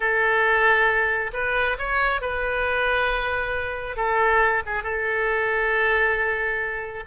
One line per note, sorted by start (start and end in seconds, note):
0.00 1.31 A4
1.33 1.77 B4
1.78 2.21 C#5
2.21 3.96 B4
3.96 4.62 A4
4.65 4.83 G#4
4.83 7.04 A4